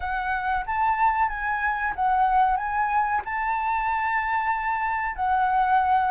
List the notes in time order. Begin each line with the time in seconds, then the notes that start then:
0.00 F#5
0.66 A5
1.28 G#5
1.95 F#5
2.57 G#5
3.24 A5
5.15 F#5